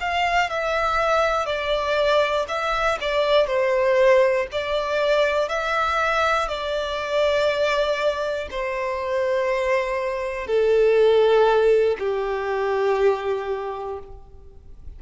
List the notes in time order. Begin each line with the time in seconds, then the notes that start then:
0.00 F5
0.49 E5
1.45 D5
2.48 E5
3.00 D5
3.47 C5
4.52 D5
5.49 E5
6.48 D5
8.50 C5
10.47 A4
11.99 G4